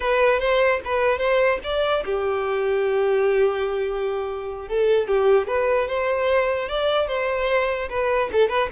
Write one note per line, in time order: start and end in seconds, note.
0.00 0.39 B4
0.39 0.80 C5
0.84 1.18 B4
1.18 1.59 C5
1.63 2.04 D5
2.05 4.68 G4
4.68 5.07 A4
5.07 5.47 G4
5.47 5.88 B4
5.88 6.69 C5
6.69 7.07 D5
7.07 7.88 C5
7.89 8.30 B4
8.32 8.48 A4
8.48 8.69 B4